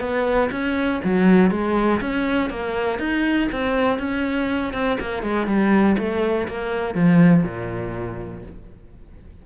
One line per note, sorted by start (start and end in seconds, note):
0.00 0.50 B3
0.51 1.01 C#4
1.04 1.51 F#3
1.51 2.00 G#3
2.01 2.50 C#4
2.50 2.99 A#3
2.99 3.48 D#4
3.52 3.99 C4
3.99 4.73 C#4
4.73 4.98 C4
5.00 5.23 A#3
5.23 5.47 G#3
5.47 5.96 G3
5.98 6.48 A3
6.48 6.95 A#3
6.95 7.43 F3
7.43 8.42 A#2